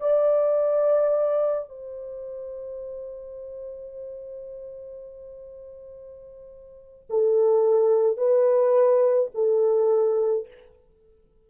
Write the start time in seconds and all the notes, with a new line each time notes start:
0.00 D5
1.69 C5
7.09 A4
8.17 B4
9.34 A4